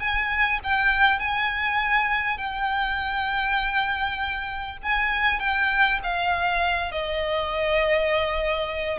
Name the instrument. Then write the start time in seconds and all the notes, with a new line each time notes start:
violin
0.00 G#5
0.64 G5
1.19 G#5
2.38 G5
4.83 G#5
5.40 G5
6.04 F5
6.92 D#5